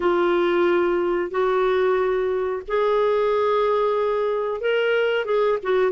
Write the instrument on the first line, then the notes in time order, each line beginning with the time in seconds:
clarinet
0.00 F4
1.30 F#4
2.67 G#4
4.61 A#4
5.25 G#4
5.62 F#4